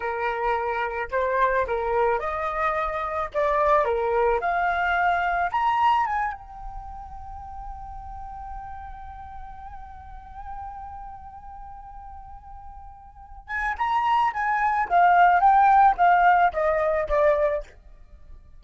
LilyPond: \new Staff \with { instrumentName = "flute" } { \time 4/4 \tempo 4 = 109 ais'2 c''4 ais'4 | dis''2 d''4 ais'4 | f''2 ais''4 gis''8 g''8~ | g''1~ |
g''1~ | g''1~ | g''8 gis''8 ais''4 gis''4 f''4 | g''4 f''4 dis''4 d''4 | }